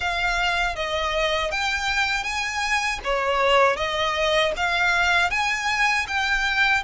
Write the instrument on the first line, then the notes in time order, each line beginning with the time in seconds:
violin
0.00 F5
0.75 D#5
1.51 G5
2.23 G#5
3.03 C#5
3.76 D#5
4.56 F5
5.30 G#5
6.07 G5